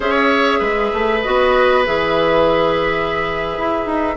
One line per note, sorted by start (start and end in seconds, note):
0.00 0.60 C#4
0.00 1.21 G#4
0.00 0.59 C#5
0.00 1.22 E5
0.59 0.91 G#3
0.59 4.15 B4
0.93 1.24 A3
1.22 1.87 B3
1.22 1.84 F#4
1.22 1.84 D#5
1.84 3.57 E3
1.84 4.16 G#4
1.84 4.17 E5
3.58 3.86 E4
3.86 4.16 D#4